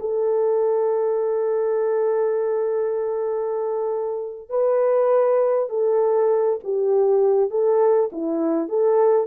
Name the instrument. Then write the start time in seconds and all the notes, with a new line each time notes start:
horn
0.00 A4
4.49 B4
5.69 A4
6.64 G4
7.50 A4
8.12 E4
8.69 A4